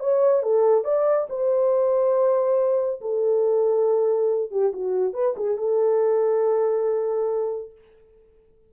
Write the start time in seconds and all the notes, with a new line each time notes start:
0.00 C#5
0.43 A4
0.85 D5
1.30 C5
3.01 A4
4.51 G4
4.73 F#4
5.14 B4
5.37 G#4
5.58 A4